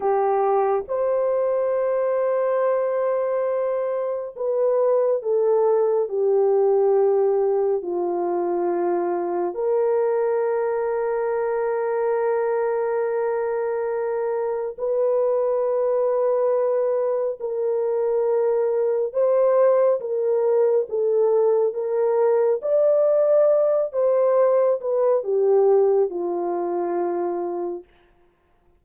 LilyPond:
\new Staff \with { instrumentName = "horn" } { \time 4/4 \tempo 4 = 69 g'4 c''2.~ | c''4 b'4 a'4 g'4~ | g'4 f'2 ais'4~ | ais'1~ |
ais'4 b'2. | ais'2 c''4 ais'4 | a'4 ais'4 d''4. c''8~ | c''8 b'8 g'4 f'2 | }